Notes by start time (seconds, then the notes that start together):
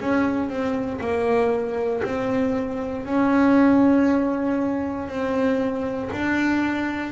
0.00 C#4
0.49 C4
1.01 A#3
2.03 C4
3.05 C#4
5.08 C4
6.12 D4